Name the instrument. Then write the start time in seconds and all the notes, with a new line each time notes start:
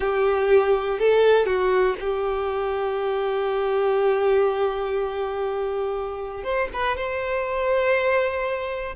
violin
0.00 G4
0.99 A4
1.46 F#4
1.99 G4
6.43 C5
6.73 B4
6.96 C5